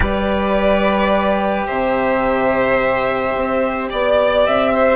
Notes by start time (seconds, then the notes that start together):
0.00 G3 G4 B4 D5
1.66 C3 C5 E5
3.35 C4
3.89 B3 D5
4.46 C4 E5
4.73 C5